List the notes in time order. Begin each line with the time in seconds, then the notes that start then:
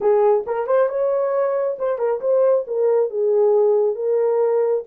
0.00 G#4
0.46 A#4
0.66 C5
0.88 C#5
1.78 C5
1.98 A#4
2.21 C5
2.67 A#4
3.10 G#4
3.95 A#4